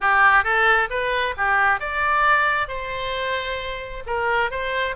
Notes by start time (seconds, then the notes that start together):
0.00 G4
0.43 A4
0.89 B4
1.37 G4
1.80 D5
2.68 C5
4.06 A#4
4.50 C5